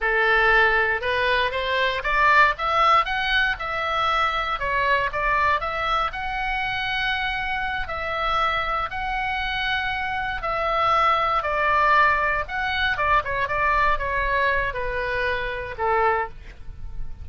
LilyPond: \new Staff \with { instrumentName = "oboe" } { \time 4/4 \tempo 4 = 118 a'2 b'4 c''4 | d''4 e''4 fis''4 e''4~ | e''4 cis''4 d''4 e''4 | fis''2.~ fis''8 e''8~ |
e''4. fis''2~ fis''8~ | fis''8 e''2 d''4.~ | d''8 fis''4 d''8 cis''8 d''4 cis''8~ | cis''4 b'2 a'4 | }